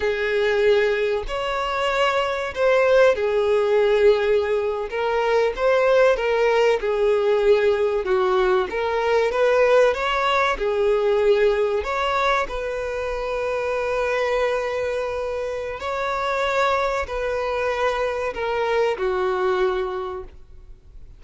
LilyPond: \new Staff \with { instrumentName = "violin" } { \time 4/4 \tempo 4 = 95 gis'2 cis''2 | c''4 gis'2~ gis'8. ais'16~ | ais'8. c''4 ais'4 gis'4~ gis'16~ | gis'8. fis'4 ais'4 b'4 cis''16~ |
cis''8. gis'2 cis''4 b'16~ | b'1~ | b'4 cis''2 b'4~ | b'4 ais'4 fis'2 | }